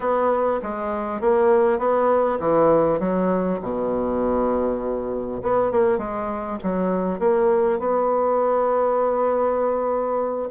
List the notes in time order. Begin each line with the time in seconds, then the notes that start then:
0.00 B3
0.62 G#3
1.21 A#3
1.78 B3
2.39 E3
2.99 F#3
3.61 B2
5.42 B3
5.71 A#3
5.98 G#3
6.63 F#3
7.19 A#3
7.79 B3